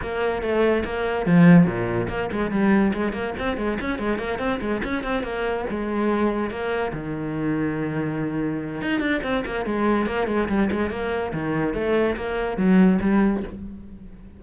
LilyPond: \new Staff \with { instrumentName = "cello" } { \time 4/4 \tempo 4 = 143 ais4 a4 ais4 f4 | ais,4 ais8 gis8 g4 gis8 ais8 | c'8 gis8 cis'8 gis8 ais8 c'8 gis8 cis'8 | c'8 ais4 gis2 ais8~ |
ais8 dis2.~ dis8~ | dis4 dis'8 d'8 c'8 ais8 gis4 | ais8 gis8 g8 gis8 ais4 dis4 | a4 ais4 fis4 g4 | }